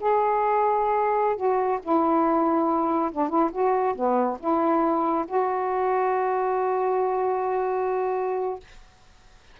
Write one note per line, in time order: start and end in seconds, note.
0.00 1.37 G#4
1.37 1.79 F#4
1.83 3.11 E4
3.12 3.29 D4
3.29 3.51 E4
3.52 3.95 F#4
3.95 4.38 B3
4.40 5.26 E4
5.28 8.60 F#4